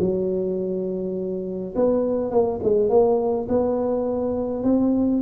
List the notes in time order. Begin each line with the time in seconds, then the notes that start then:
0.00 F#3
1.76 B3
2.31 A#3
2.64 G#3
2.90 A#3
3.49 B3
4.64 C4